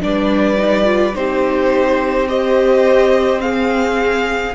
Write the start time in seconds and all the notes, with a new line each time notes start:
0.00 G3 D4 B4 D5
0.58 D#4
0.84 F4
1.14 C4 D#4 G4 C5
2.27 G4 C5 D#5
3.39 C4 G#4 F5